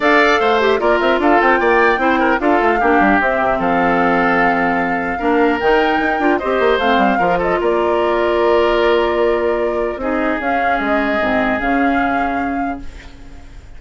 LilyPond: <<
  \new Staff \with { instrumentName = "flute" } { \time 4/4 \tempo 4 = 150 f''4. e''8 d''8 e''8 f''8 g''8~ | g''2 f''2 | e''4 f''2.~ | f''2 g''2 |
dis''4 f''4. dis''8 d''4~ | d''1~ | d''4 dis''4 f''4 dis''4~ | dis''4 f''2. | }
  \new Staff \with { instrumentName = "oboe" } { \time 4/4 d''4 c''4 ais'4 a'4 | d''4 c''8 ais'8 a'4 g'4~ | g'4 a'2.~ | a'4 ais'2. |
c''2 ais'8 a'8 ais'4~ | ais'1~ | ais'4 gis'2.~ | gis'1 | }
  \new Staff \with { instrumentName = "clarinet" } { \time 4/4 a'4. g'8 f'2~ | f'4 e'4 f'4 d'4 | c'1~ | c'4 d'4 dis'4. f'8 |
g'4 c'4 f'2~ | f'1~ | f'4 dis'4 cis'2 | c'4 cis'2. | }
  \new Staff \with { instrumentName = "bassoon" } { \time 4/4 d'4 a4 ais8 c'8 d'8 c'8 | ais4 c'4 d'8 a8 ais8 g8 | c'8 c8 f2.~ | f4 ais4 dis4 dis'8 d'8 |
c'8 ais8 a8 g8 f4 ais4~ | ais1~ | ais4 c'4 cis'4 gis4 | gis,4 cis2. | }
>>